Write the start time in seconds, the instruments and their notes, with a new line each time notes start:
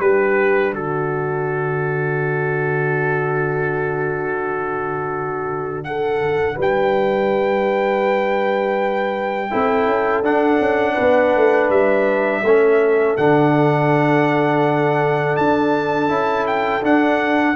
0.00 tuba G3, trombone D4, horn G4, trumpet B4
0.73 tuba D3, horn F#4, trumpet A4
5.84 horn A4, trumpet F#5
6.56 tuba G3, horn B4
6.62 trumpet G5
9.51 tuba C4, trombone E4, horn A4
9.86 tuba C#4
10.23 tuba D4, trombone D4, trumpet F#5
10.60 tuba C#4
10.94 horn B4
11.00 tuba B3
11.36 tuba A3
11.70 tuba G3, trumpet E5
12.43 tuba A3, trombone C#4, horn A4
13.17 tuba D3, trombone D4, trumpet F#5
15.37 tuba D4, trumpet A5
16.08 tuba C#4, trombone E4
16.47 trumpet G5
16.83 trombone D4, tuba D4, trumpet F#5